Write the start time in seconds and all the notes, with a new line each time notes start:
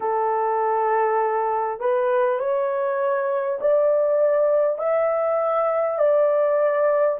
0.00 A4
1.79 B4
2.39 C#5
3.61 D5
4.78 E5
5.98 D5